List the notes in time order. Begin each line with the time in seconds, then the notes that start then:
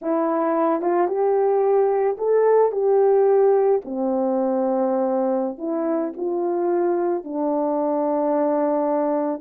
0.01 E4
0.81 F4
1.07 G4
2.17 A4
2.72 G4
3.84 C4
5.58 E4
6.16 F4
7.23 D4